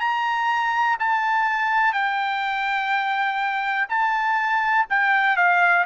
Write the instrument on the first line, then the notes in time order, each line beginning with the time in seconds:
trumpet
0.00 A#5
0.99 A5
1.93 G5
3.89 A5
4.90 G5
5.37 F5